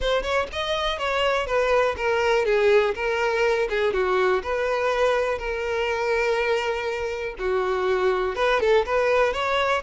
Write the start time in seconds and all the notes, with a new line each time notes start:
0.00 C5
0.22 C#5
0.52 D#5
0.98 C#5
1.46 B4
1.96 A#4
2.45 G#4
2.94 A#4
3.69 G#4
3.93 F#4
4.42 B4
5.38 A#4
7.38 F#4
8.35 B4
8.60 A4
8.85 B4
9.33 C#5